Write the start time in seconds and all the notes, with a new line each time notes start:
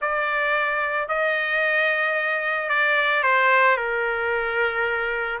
0.01 D5
1.08 D#5
2.69 D5
3.23 C5
3.77 A#4